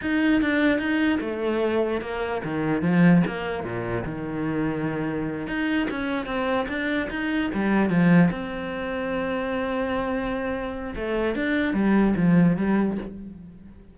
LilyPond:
\new Staff \with { instrumentName = "cello" } { \time 4/4 \tempo 4 = 148 dis'4 d'4 dis'4 a4~ | a4 ais4 dis4 f4 | ais4 ais,4 dis2~ | dis4. dis'4 cis'4 c'8~ |
c'8 d'4 dis'4 g4 f8~ | f8 c'2.~ c'8~ | c'2. a4 | d'4 g4 f4 g4 | }